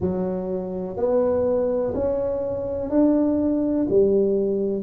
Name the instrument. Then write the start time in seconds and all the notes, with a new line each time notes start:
tuba
0.00 F#3
0.96 B3
1.94 C#4
2.89 D4
3.89 G3